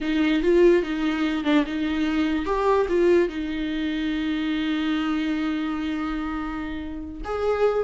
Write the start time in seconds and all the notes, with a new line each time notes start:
0.00 D#4
0.42 F4
0.82 D#4
1.44 D4
1.66 D#4
2.45 G4
2.88 F4
3.28 D#4
7.24 G#4